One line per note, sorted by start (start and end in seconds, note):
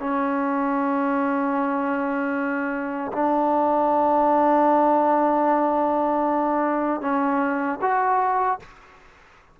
0.00 3.12 C#4
3.12 7.01 D4
7.01 7.79 C#4
7.81 8.59 F#4